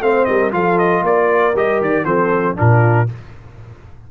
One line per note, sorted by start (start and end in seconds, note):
0.00 0.25 A3
0.00 0.51 C4
0.00 0.29 C5
0.00 0.25 F5
0.25 0.52 G3
0.25 0.53 A#4
0.25 0.50 D#5
0.51 1.03 F3
0.51 1.53 F4
0.51 1.04 A4
0.51 0.78 F5
0.78 1.04 D#5
1.03 1.53 A#3
1.03 2.05 A#4
1.03 1.56 D5
1.56 1.81 G3
1.56 2.05 G4
1.56 1.82 D#5
1.81 2.04 D#3
1.81 2.05 D5
2.04 2.55 F3
2.04 2.55 C4
2.04 2.56 A4
2.04 2.56 C5
2.55 3.11 A#2
2.55 3.06 D4
2.55 3.09 F4
2.55 3.09 A#4